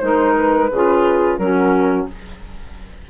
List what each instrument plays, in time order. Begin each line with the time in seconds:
0.00 bassoon G#3, clarinet D#4, saxophone A#4, flute C5
0.38 flute B4
0.70 bassoon C#3, clarinet F4, saxophone G#4
1.38 bassoon F#3, clarinet C#4, saxophone F#4, flute A#4